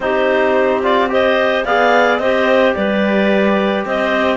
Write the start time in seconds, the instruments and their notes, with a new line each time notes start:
0.00 cello C4, trombone D#4, clarinet G4 C5
0.83 trombone F4, clarinet D5
1.08 trombone G4, clarinet C5 D#5
1.65 cello B3, trombone G#4, clarinet D5 F5
2.18 cello C4, trombone G4, clarinet C5 D#5
2.74 cello G3, clarinet B4 D5
3.85 cello C4, clarinet C5 D#5